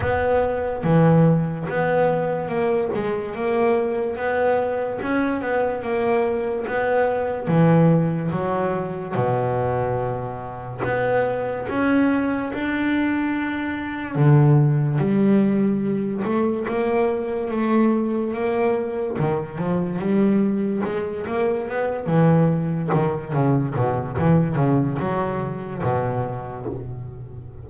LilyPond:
\new Staff \with { instrumentName = "double bass" } { \time 4/4 \tempo 4 = 72 b4 e4 b4 ais8 gis8 | ais4 b4 cis'8 b8 ais4 | b4 e4 fis4 b,4~ | b,4 b4 cis'4 d'4~ |
d'4 d4 g4. a8 | ais4 a4 ais4 dis8 f8 | g4 gis8 ais8 b8 e4 dis8 | cis8 b,8 e8 cis8 fis4 b,4 | }